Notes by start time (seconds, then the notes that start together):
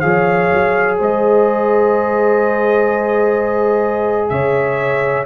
0.00 F3 G#4 C#5 F5
0.53 F#3
0.98 G#3 C5 D#5
4.29 C#3 C#5 E5